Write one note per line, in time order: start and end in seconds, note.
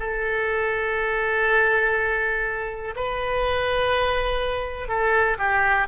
0.00 2.95 A4
2.96 4.89 B4
4.89 5.38 A4
5.39 5.88 G4